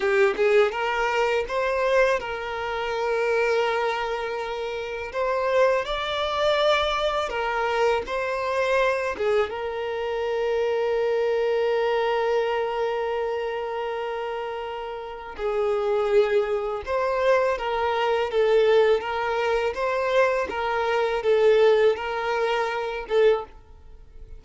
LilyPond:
\new Staff \with { instrumentName = "violin" } { \time 4/4 \tempo 4 = 82 g'8 gis'8 ais'4 c''4 ais'4~ | ais'2. c''4 | d''2 ais'4 c''4~ | c''8 gis'8 ais'2.~ |
ais'1~ | ais'4 gis'2 c''4 | ais'4 a'4 ais'4 c''4 | ais'4 a'4 ais'4. a'8 | }